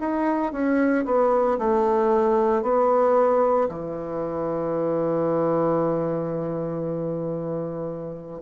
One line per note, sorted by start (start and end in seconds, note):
0.00 0.52 D#4
0.52 1.05 C#4
1.05 1.58 B3
1.58 2.63 A3
2.63 3.68 B3
3.69 8.42 E3